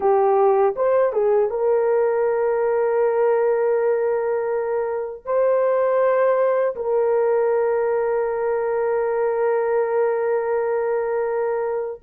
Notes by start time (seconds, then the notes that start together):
0.00 G4
0.75 C5
1.12 G#4
1.50 A#4
5.25 C5
6.75 A#4